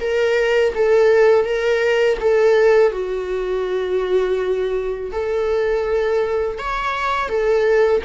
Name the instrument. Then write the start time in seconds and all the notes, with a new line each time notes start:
viola
0.00 A#4
0.74 A4
1.44 A#4
2.20 A4
2.91 F#4
5.12 A4
6.58 C#5
7.28 A4